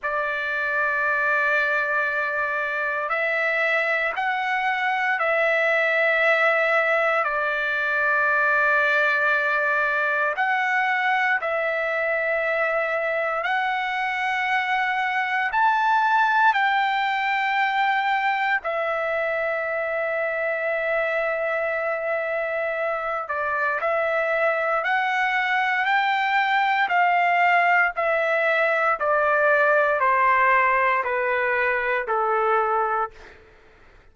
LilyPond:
\new Staff \with { instrumentName = "trumpet" } { \time 4/4 \tempo 4 = 58 d''2. e''4 | fis''4 e''2 d''4~ | d''2 fis''4 e''4~ | e''4 fis''2 a''4 |
g''2 e''2~ | e''2~ e''8 d''8 e''4 | fis''4 g''4 f''4 e''4 | d''4 c''4 b'4 a'4 | }